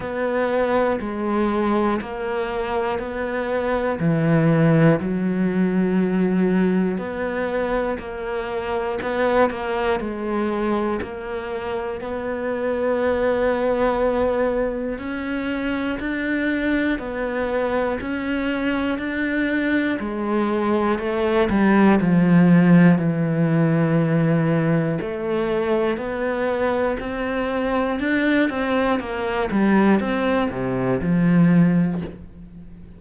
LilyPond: \new Staff \with { instrumentName = "cello" } { \time 4/4 \tempo 4 = 60 b4 gis4 ais4 b4 | e4 fis2 b4 | ais4 b8 ais8 gis4 ais4 | b2. cis'4 |
d'4 b4 cis'4 d'4 | gis4 a8 g8 f4 e4~ | e4 a4 b4 c'4 | d'8 c'8 ais8 g8 c'8 c8 f4 | }